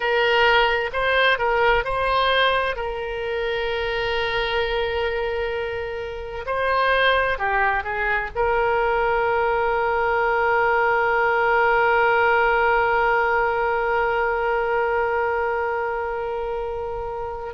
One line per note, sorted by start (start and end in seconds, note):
0.00 0.90 A#4
0.92 1.38 C5
1.38 1.84 A#4
1.84 2.76 C5
2.76 6.45 A#4
6.46 7.38 C5
7.38 7.83 G4
7.83 8.30 G#4
8.35 17.54 A#4